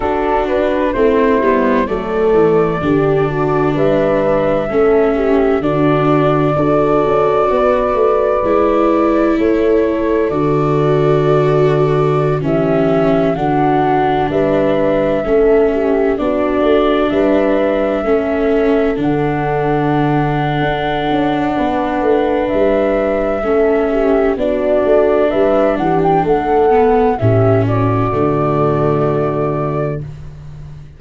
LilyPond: <<
  \new Staff \with { instrumentName = "flute" } { \time 4/4 \tempo 4 = 64 a'8 b'8 c''4 d''2 | e''2 d''2~ | d''2 cis''4 d''4~ | d''4~ d''16 e''4 fis''4 e''8.~ |
e''4~ e''16 d''4 e''4.~ e''16~ | e''16 fis''2.~ fis''8. | e''2 d''4 e''8 fis''16 g''16 | fis''4 e''8 d''2~ d''8 | }
  \new Staff \with { instrumentName = "horn" } { \time 4/4 fis'4 e'4 a'4 g'8 fis'8 | b'4 a'8 g'8 fis'4 a'4 | b'2 a'2~ | a'4~ a'16 g'4 fis'4 b'8.~ |
b'16 a'8 g'8 fis'4 b'4 a'8.~ | a'2. b'4~ | b'4 a'8 g'8 fis'4 b'8 g'8 | a'4 g'8 fis'2~ fis'8 | }
  \new Staff \with { instrumentName = "viola" } { \time 4/4 d'4 c'8 b8 a4 d'4~ | d'4 cis'4 d'4 fis'4~ | fis'4 e'2 fis'4~ | fis'4~ fis'16 cis'4 d'4.~ d'16~ |
d'16 cis'4 d'2 cis'8.~ | cis'16 d'2.~ d'8.~ | d'4 cis'4 d'2~ | d'8 b8 cis'4 a2 | }
  \new Staff \with { instrumentName = "tuba" } { \time 4/4 d'4 a8 g8 fis8 e8 d4 | g4 a4 d4 d'8 cis'8 | b8 a8 gis4 a4 d4~ | d4~ d16 e4 d4 g8.~ |
g16 a4 b8 a8 g4 a8.~ | a16 d4.~ d16 d'8 cis'8 b8 a8 | g4 a4 b8 a8 g8 e8 | a4 a,4 d2 | }
>>